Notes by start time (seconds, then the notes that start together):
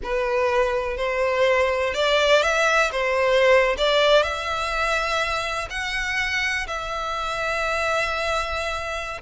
0.03 B4
0.97 C5
1.94 D5
2.42 E5
2.91 C5
3.77 D5
4.23 E5
5.70 F#5
6.67 E5